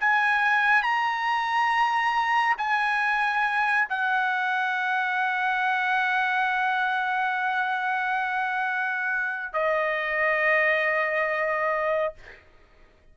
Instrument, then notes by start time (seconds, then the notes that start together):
trumpet
0.00 G#5
0.82 A#5
2.58 G#5
3.89 F#5
9.53 D#5